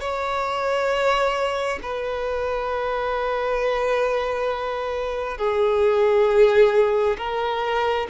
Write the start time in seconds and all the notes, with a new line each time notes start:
0.00 C#5
1.82 B4
5.37 G#4
7.17 A#4